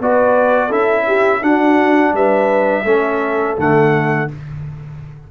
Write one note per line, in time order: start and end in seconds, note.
0.00 0.71 B3
0.00 0.71 F#4
0.00 0.68 B4
0.00 0.72 D5
0.68 1.42 C#4
0.68 1.42 E4
0.68 1.04 A4
0.68 1.43 E5
1.07 1.43 G4
1.42 2.14 D4
1.42 2.85 D4
1.42 2.15 F#4
1.42 2.15 F#5
2.14 2.85 G3
2.14 2.84 B4
2.14 3.58 E5
2.84 3.56 A3
2.84 3.57 C#4
2.84 4.27 A4
3.58 4.31 D3
3.58 4.29 A3
3.58 4.32 F#5